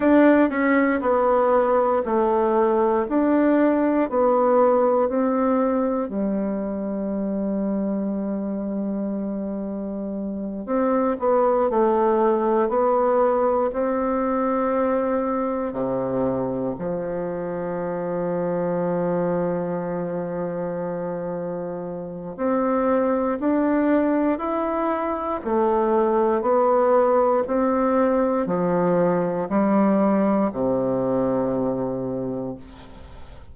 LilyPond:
\new Staff \with { instrumentName = "bassoon" } { \time 4/4 \tempo 4 = 59 d'8 cis'8 b4 a4 d'4 | b4 c'4 g2~ | g2~ g8 c'8 b8 a8~ | a8 b4 c'2 c8~ |
c8 f2.~ f8~ | f2 c'4 d'4 | e'4 a4 b4 c'4 | f4 g4 c2 | }